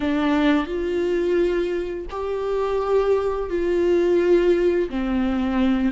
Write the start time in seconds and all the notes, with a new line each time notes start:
0.00 D4
0.66 F4
2.10 G4
3.49 F4
4.89 C4